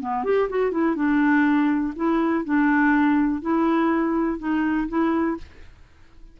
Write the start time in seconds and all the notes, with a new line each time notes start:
0.00 B3
0.24 G4
0.49 F#4
0.71 E4
0.95 D4
1.96 E4
2.44 D4
3.41 E4
4.38 D#4
4.88 E4